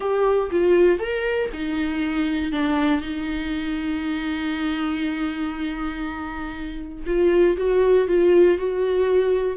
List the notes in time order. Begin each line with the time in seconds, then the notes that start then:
0.00 G4
0.50 F4
0.99 A#4
1.53 D#4
2.52 D4
3.01 D#4
7.06 F4
7.57 F#4
8.07 F4
8.57 F#4